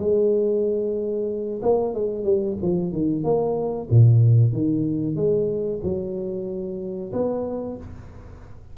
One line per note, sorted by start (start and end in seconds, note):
0.00 1.61 G#3
1.62 1.95 A#3
1.95 2.25 G#3
2.25 2.57 G3
2.62 2.92 F3
2.92 3.24 D#3
3.24 3.89 A#3
3.91 4.53 A#2
4.53 5.16 D#3
5.16 5.81 G#3
5.83 7.12 F#3
7.13 7.77 B3